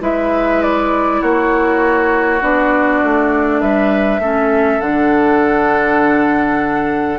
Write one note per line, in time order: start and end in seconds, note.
0.00 1.21 G#3
0.00 2.40 E4
0.00 1.21 B4
0.00 0.62 E5
0.62 1.22 D5
1.21 2.41 A#3
1.21 3.60 F#4
1.21 2.42 C#5
2.41 3.01 B3
2.41 4.21 D4
2.41 3.60 D5
3.02 3.62 A3
3.60 4.19 G3
3.60 4.20 B4
3.60 4.80 E5
4.19 4.79 A3
4.19 4.80 C#4
4.19 7.18 A4
4.80 7.18 D3
4.80 7.18 D4
4.80 7.18 F#5